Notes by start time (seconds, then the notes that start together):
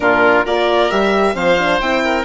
0.00 A#2 D4 F4 A#4
0.44 A#3 F4 A#4 D5
0.90 G3 G4 E5
1.34 F3 C4 C5 F5
1.58 D4
1.80 C4 E4 G5
2.03 A#4